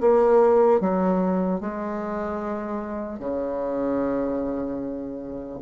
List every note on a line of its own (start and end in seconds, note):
0.00 0.80 A#3
0.80 1.60 F#3
1.60 3.19 G#3
3.19 5.59 C#3